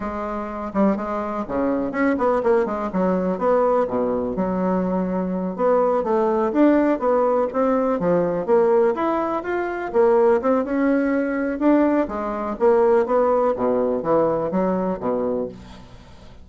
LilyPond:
\new Staff \with { instrumentName = "bassoon" } { \time 4/4 \tempo 4 = 124 gis4. g8 gis4 cis4 | cis'8 b8 ais8 gis8 fis4 b4 | b,4 fis2~ fis8 b8~ | b8 a4 d'4 b4 c'8~ |
c'8 f4 ais4 e'4 f'8~ | f'8 ais4 c'8 cis'2 | d'4 gis4 ais4 b4 | b,4 e4 fis4 b,4 | }